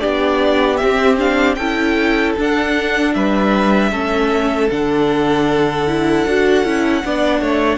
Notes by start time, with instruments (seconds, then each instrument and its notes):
0.00 cello B3, viola D4, violin G4 D5
0.77 viola C4, violin E5
0.84 cello C4
1.18 viola D4, violin F5
1.56 cello C#4, viola E4, violin A4 G5
2.38 viola D4, cello D4, violin F#5
3.14 cello G3, violin B4 E5
3.92 cello A3, viola C#4, violin A4
4.71 cello D3, viola D4, violin F#5
5.87 viola E4
6.26 cello D4, viola F#4
6.64 cello C#4, viola E4
7.05 cello B3, viola D4, violin D5
7.41 cello A3, violin C#5